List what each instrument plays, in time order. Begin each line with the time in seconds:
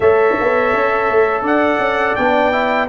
0.00 tuba A3, trombone A4, horn C#5, trumpet E5
0.40 tuba B3
0.73 tuba C#4
1.09 tuba A3
1.41 tuba D4, horn D5, trumpet F#5
1.78 tuba C#4
2.15 tuba B3, trombone D4, trumpet G5
2.52 trombone E4